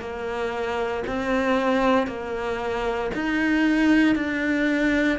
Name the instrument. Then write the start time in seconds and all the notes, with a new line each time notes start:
cello
0.00 A#3
1.07 C4
2.07 A#3
3.15 D#4
4.15 D4